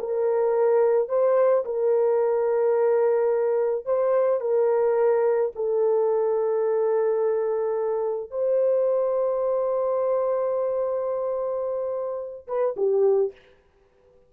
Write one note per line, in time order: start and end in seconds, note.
0.00 1.09 A#4
1.09 1.65 C5
1.65 3.86 A#4
3.86 4.41 C5
4.41 5.52 A#4
5.56 8.31 A4
8.31 12.47 C5
12.48 12.76 B4
12.77 13.33 G4